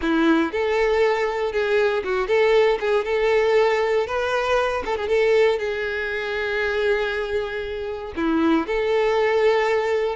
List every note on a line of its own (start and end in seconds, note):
0.01 0.52 E4
0.52 1.52 A4
1.52 2.03 G#4
2.04 2.27 F#4
2.27 2.78 A4
2.80 3.05 G#4
3.05 4.06 A4
4.06 4.83 B4
4.85 4.96 A4
4.96 5.08 G#4
5.08 5.58 A4
5.58 8.13 G#4
8.16 8.66 E4
8.66 10.15 A4